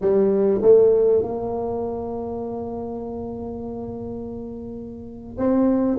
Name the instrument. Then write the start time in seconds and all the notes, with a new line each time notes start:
tuba
0.01 G3
0.61 A3
1.22 A#3
5.37 C4